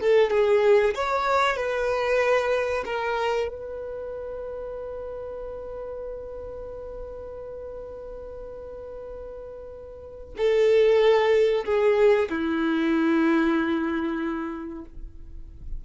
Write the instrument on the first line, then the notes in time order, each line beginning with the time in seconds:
violin
0.00 A4
0.30 G#4
0.94 C#5
1.56 B4
2.85 A#4
3.48 B4
10.37 A4
11.65 G#4
12.29 E4